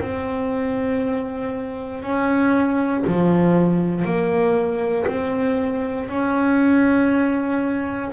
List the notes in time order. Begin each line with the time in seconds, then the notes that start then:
0.00 C4
2.03 C#4
3.07 F3
4.05 A#3
5.07 C4
6.09 C#4